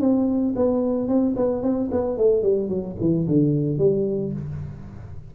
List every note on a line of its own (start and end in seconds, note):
0.00 0.54 C4
0.56 1.08 B3
1.08 1.35 C4
1.36 1.62 B3
1.62 1.89 C4
1.91 2.17 B3
2.17 2.42 A3
2.42 2.69 G3
2.69 2.96 F#3
3.00 3.27 E3
3.27 3.78 D3
3.78 4.32 G3